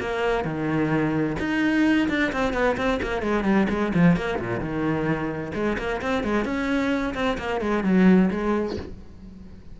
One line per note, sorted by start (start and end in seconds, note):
0.00 0.44 A#3
0.44 1.37 D#3
1.39 2.08 D#4
2.09 2.32 D4
2.32 2.53 C4
2.53 2.76 B3
2.77 3.00 C4
3.03 3.22 A#3
3.22 3.44 G#3
3.44 3.67 G3
3.69 3.92 G#3
3.94 4.17 F3
4.17 4.40 A#3
4.40 4.60 A#2
4.60 5.52 D#3
5.54 5.77 G#3
5.78 6.01 A#3
6.01 6.23 C4
6.23 6.45 G#3
6.45 7.14 C#4
7.15 7.38 C4
7.38 7.61 A#3
7.61 7.84 G#3
7.84 8.30 F#3
8.31 8.77 G#3